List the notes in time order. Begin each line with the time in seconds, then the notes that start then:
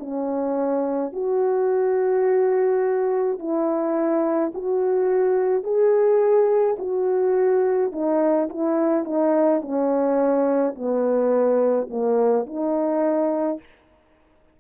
0.00 C#4
1.13 F#4
3.40 E4
4.55 F#4
5.64 G#4
6.79 F#4
7.92 D#4
8.50 E4
9.05 D#4
9.62 C#4
10.75 B3
11.90 A#3
12.47 D#4